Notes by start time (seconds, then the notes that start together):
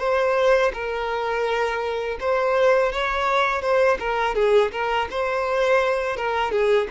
0.00 C5
0.74 A#4
2.20 C5
2.92 C#5
3.62 C5
4.00 A#4
4.35 G#4
4.72 A#4
5.11 C5
6.17 A#4
6.52 G#4